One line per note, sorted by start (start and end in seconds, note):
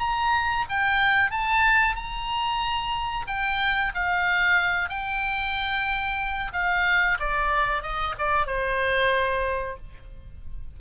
0.00 0.65 A#5
0.70 1.31 G5
1.31 1.96 A5
1.96 3.26 A#5
3.28 3.93 G5
3.95 4.89 F5
4.89 6.52 G5
6.53 7.18 F5
7.20 7.83 D5
7.83 8.15 D#5
8.18 8.47 D5
8.47 9.77 C5